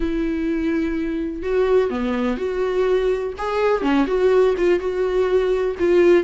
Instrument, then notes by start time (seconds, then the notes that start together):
viola
0.00 E4
1.42 F#4
1.89 B3
2.37 F#4
3.37 G#4
3.82 C#4
4.07 F#4
4.57 F4
4.79 F#4
5.79 F4